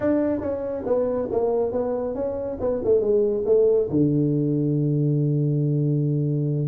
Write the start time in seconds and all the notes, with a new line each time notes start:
0.00 D4
0.41 C#4
0.85 B3
1.31 A#3
1.72 B3
2.14 C#4
2.60 B3
2.84 A3
3.00 G#3
3.45 A3
3.89 D3